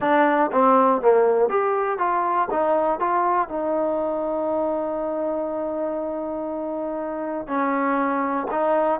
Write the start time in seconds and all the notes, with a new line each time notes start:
0.00 D4
0.51 C4
1.01 A#3
1.49 G4
1.98 F4
2.50 D#4
2.99 F4
3.48 D#4
7.47 C#4
8.51 D#4